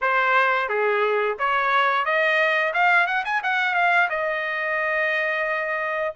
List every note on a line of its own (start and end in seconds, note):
0.01 0.68 C5
0.68 1.37 G#4
1.38 2.05 C#5
2.05 2.73 D#5
2.73 3.07 F5
3.07 3.24 F#5
3.24 3.42 G#5
3.43 3.74 F#5
3.74 4.08 F5
4.09 6.14 D#5